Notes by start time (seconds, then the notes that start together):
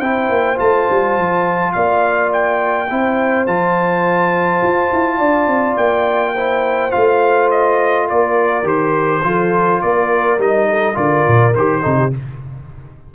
0.00 C4 E4 C5 G5
0.29 A#3
0.56 A3 F4 A5
0.90 G3
1.18 F3
1.73 A#3 D5 F5
2.33 G5
2.90 C4 E4 C5
3.47 F3 F4 A5
4.63 F4
4.93 E4
5.17 D4 D5
5.47 C4
5.77 A#3 G5
6.34 E4 C5
6.91 A3 F4 F5
7.51 D#5
8.08 A#3 A#4 D5
8.63 D#3 G4 C5
9.23 F3 F4 A4
9.82 A#3 A#4 D5
10.38 G3 D#4 D#5
10.70 A4
10.94 D3 F4 A#4 D5
11.28 A#2
11.55 D#3 G4 C5
11.82 C3 D#4 A4
11.99 G4